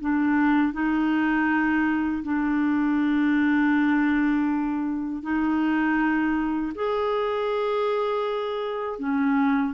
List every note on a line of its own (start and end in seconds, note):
0.00 0.73 D4
0.73 2.23 D#4
2.23 5.22 D4
5.22 6.72 D#4
6.74 8.98 G#4
8.98 9.73 C#4